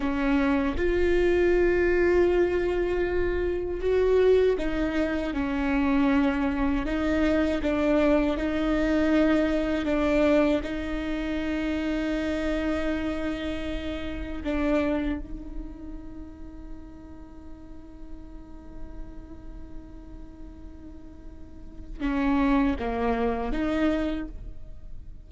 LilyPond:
\new Staff \with { instrumentName = "viola" } { \time 4/4 \tempo 4 = 79 cis'4 f'2.~ | f'4 fis'4 dis'4 cis'4~ | cis'4 dis'4 d'4 dis'4~ | dis'4 d'4 dis'2~ |
dis'2. d'4 | dis'1~ | dis'1~ | dis'4 cis'4 ais4 dis'4 | }